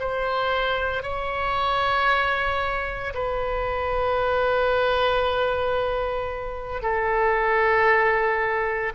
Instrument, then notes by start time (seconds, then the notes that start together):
oboe
0.00 C5
1.03 C#5
3.15 B4
6.82 A4